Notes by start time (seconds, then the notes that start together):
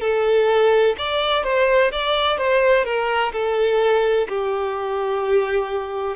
0.00 A4
0.97 D5
1.43 C5
1.91 D5
2.38 C5
2.84 A#4
3.32 A4
4.28 G4